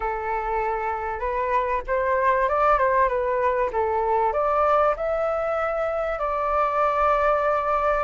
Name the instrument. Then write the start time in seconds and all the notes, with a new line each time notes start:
flute
0.00 A4
1.19 B4
1.87 C5
2.49 D5
2.78 C5
3.08 B4
3.72 A4
4.32 D5
4.96 E5
6.18 D5